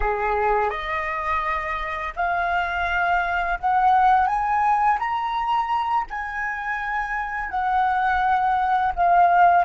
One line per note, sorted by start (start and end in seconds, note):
0.00 0.70 G#4
0.70 2.13 D#5
2.16 3.58 F5
3.59 4.27 F#5
4.27 4.98 G#5
4.99 6.06 A#5
6.10 7.49 G#5
7.49 8.92 F#5
8.95 9.64 F5